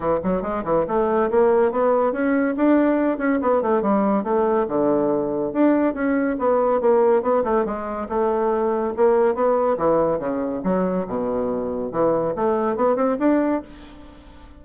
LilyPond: \new Staff \with { instrumentName = "bassoon" } { \time 4/4 \tempo 4 = 141 e8 fis8 gis8 e8 a4 ais4 | b4 cis'4 d'4. cis'8 | b8 a8 g4 a4 d4~ | d4 d'4 cis'4 b4 |
ais4 b8 a8 gis4 a4~ | a4 ais4 b4 e4 | cis4 fis4 b,2 | e4 a4 b8 c'8 d'4 | }